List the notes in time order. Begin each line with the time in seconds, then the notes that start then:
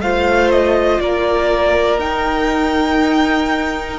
0.00 A3 F4 C5 F5
0.51 D#5
1.00 A#3 A#4 D5
1.99 D#4 G5